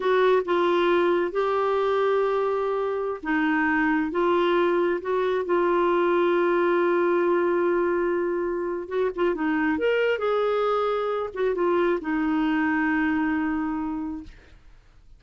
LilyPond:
\new Staff \with { instrumentName = "clarinet" } { \time 4/4 \tempo 4 = 135 fis'4 f'2 g'4~ | g'2.~ g'16 dis'8.~ | dis'4~ dis'16 f'2 fis'8.~ | fis'16 f'2.~ f'8.~ |
f'1 | fis'8 f'8 dis'4 ais'4 gis'4~ | gis'4. fis'8 f'4 dis'4~ | dis'1 | }